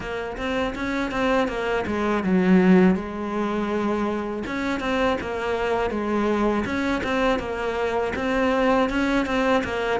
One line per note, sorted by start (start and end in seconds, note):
0.00 0.37 A#3
0.37 0.74 C4
0.75 1.11 C#4
1.11 1.47 C4
1.47 1.85 A#3
1.86 2.23 G#3
2.23 2.95 F#3
2.95 4.43 G#3
4.46 4.79 C#4
4.79 5.17 C4
5.21 5.90 A#3
5.90 6.64 G#3
6.65 7.02 C#4
7.03 7.39 C4
7.39 8.13 A#3
8.15 8.89 C4
8.89 9.26 C#4
9.26 9.63 C4
9.64 10.00 A#3